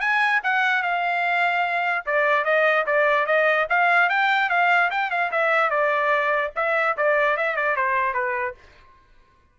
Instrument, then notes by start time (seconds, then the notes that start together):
trumpet
0.00 G#5
0.43 F#5
0.82 F5
2.05 D5
2.44 D#5
2.86 D5
3.26 D#5
3.69 F5
4.09 G5
4.49 F5
4.90 G5
5.10 F5
5.31 E5
5.70 D5
6.55 E5
6.96 D5
7.37 E5
7.56 D5
7.76 C5
8.13 B4